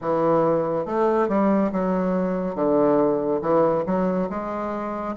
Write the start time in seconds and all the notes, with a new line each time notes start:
0.01 E3
0.85 A3
1.28 G3
1.71 F#3
2.55 D3
3.41 E3
3.86 F#3
4.29 G#3